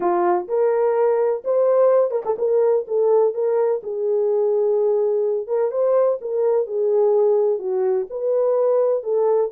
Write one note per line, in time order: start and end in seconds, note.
0.00 0.47 F4
0.48 1.43 A#4
1.44 2.10 C5
2.10 2.22 A#4
2.25 2.37 A4
2.38 2.85 A#4
2.87 3.34 A4
3.34 3.81 A#4
3.83 5.47 G#4
5.47 5.71 A#4
5.71 6.18 C5
6.21 6.66 A#4
6.66 7.58 G#4
7.58 8.06 F#4
8.10 9.03 B4
9.03 9.50 A4